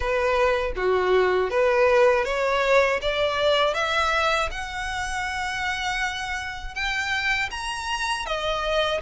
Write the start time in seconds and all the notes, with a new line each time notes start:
0.00 B4
0.75 F#4
1.50 B4
2.25 C#5
3.01 D5
3.74 E5
4.51 F#5
6.74 G5
7.50 A#5
8.25 D#5